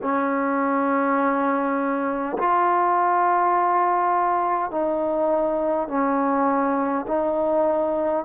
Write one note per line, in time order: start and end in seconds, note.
0.02 2.37 C#4
2.38 4.71 F4
4.71 5.88 D#4
5.88 7.05 C#4
7.07 8.24 D#4